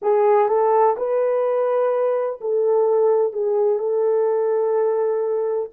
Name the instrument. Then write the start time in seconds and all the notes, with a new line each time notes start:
horn
0.02 G#4
0.48 A4
0.97 B4
2.40 A4
3.32 G#4
3.78 A4